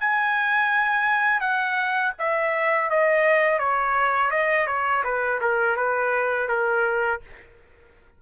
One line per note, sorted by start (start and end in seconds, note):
0.00 1.41 G#5
1.41 2.13 F#5
2.19 2.90 E5
2.90 3.59 D#5
3.59 4.31 C#5
4.31 4.67 D#5
4.67 5.03 C#5
5.04 5.41 B4
5.41 5.77 A#4
5.77 6.49 B4
6.49 7.21 A#4